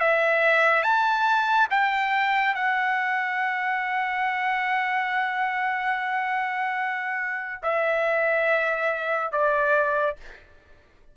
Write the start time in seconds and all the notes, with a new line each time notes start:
0.00 E5
0.83 A5
1.70 G5
2.54 F#5
7.63 E5
9.32 D5